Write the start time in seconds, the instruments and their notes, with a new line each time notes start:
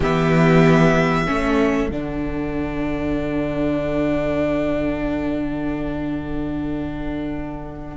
0.00 cello E3, viola B3, violin G4 E5
1.25 cello A3, viola C#4, violin A4
1.89 cello D3, viola D4, violin F#5